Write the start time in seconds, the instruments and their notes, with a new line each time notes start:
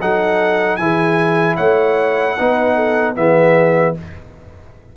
0.00 tuba F#3, trombone D#4, horn A4, trumpet F#5
0.76 tuba E3, trombone E4, horn G#4, trumpet G#5
1.56 tuba A3, horn C#5, trumpet F#5
2.37 tuba B3, trombone D#4, horn B4
2.75 horn A4
3.15 tuba E3, trombone B3, horn G#4, trumpet E5